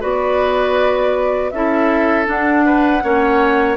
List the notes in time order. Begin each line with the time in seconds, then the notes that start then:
0.00 B3 F#4 B4 D5
1.50 C#4 E4 A4 E5
2.25 D4 F#5
2.65 B4
3.02 A#3 C#4 C#5